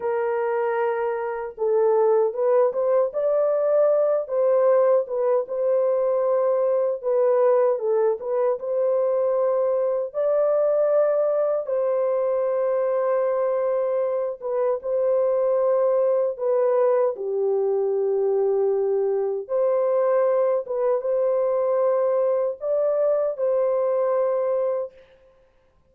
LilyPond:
\new Staff \with { instrumentName = "horn" } { \time 4/4 \tempo 4 = 77 ais'2 a'4 b'8 c''8 | d''4. c''4 b'8 c''4~ | c''4 b'4 a'8 b'8 c''4~ | c''4 d''2 c''4~ |
c''2~ c''8 b'8 c''4~ | c''4 b'4 g'2~ | g'4 c''4. b'8 c''4~ | c''4 d''4 c''2 | }